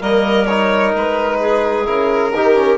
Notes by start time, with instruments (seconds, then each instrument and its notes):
0.00 bassoon G3, trombone A#3, clarinet A#4, violin D#5
0.46 trombone D#4, violin C#5
0.95 bassoon G#3, violin B4
1.41 clarinet G#4
1.85 bassoon C#3, trombone E4, violin A#4
2.33 bassoon D#3, trombone D#4, clarinet G4
2.55 trombone C#4